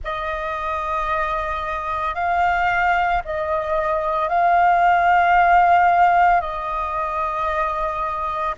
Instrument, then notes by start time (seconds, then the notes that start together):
flute
0.04 D#5
2.14 F5
3.24 D#5
4.29 F5
6.40 D#5